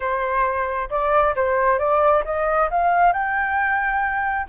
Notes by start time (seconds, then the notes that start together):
0.00 C5
0.90 D5
1.35 C5
1.78 D5
2.24 D#5
2.70 F5
3.13 G5